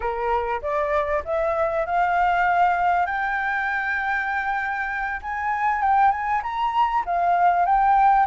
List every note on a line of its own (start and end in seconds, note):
0.00 0.61 A#4
0.62 1.23 D5
1.24 1.86 E5
1.86 3.06 F5
3.06 5.20 G5
5.22 5.82 G#5
5.82 6.11 G5
6.11 6.41 G#5
6.42 7.04 A#5
7.05 7.65 F5
7.65 8.26 G5